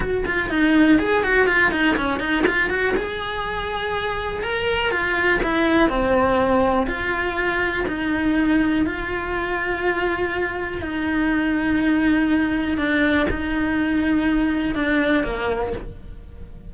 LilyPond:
\new Staff \with { instrumentName = "cello" } { \time 4/4 \tempo 4 = 122 fis'8 f'8 dis'4 gis'8 fis'8 f'8 dis'8 | cis'8 dis'8 f'8 fis'8 gis'2~ | gis'4 ais'4 f'4 e'4 | c'2 f'2 |
dis'2 f'2~ | f'2 dis'2~ | dis'2 d'4 dis'4~ | dis'2 d'4 ais4 | }